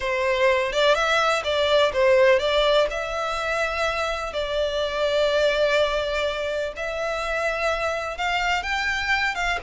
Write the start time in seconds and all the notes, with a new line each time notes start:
0.00 C5
0.72 D5
0.94 E5
1.44 D5
1.93 C5
2.39 D5
2.90 E5
4.33 D5
6.76 E5
8.17 F5
8.63 G5
9.34 F5